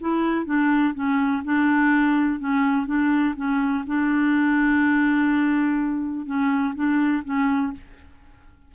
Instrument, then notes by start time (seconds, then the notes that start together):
clarinet
0.00 E4
0.46 D4
0.94 C#4
1.44 D4
2.39 C#4
2.86 D4
3.36 C#4
3.86 D4
6.26 C#4
6.75 D4
7.24 C#4